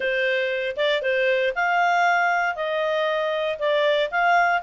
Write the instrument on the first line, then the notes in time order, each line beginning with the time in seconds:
clarinet
0.00 C5
0.76 D5
1.02 C5
1.55 F5
2.55 D#5
3.58 D5
4.10 F5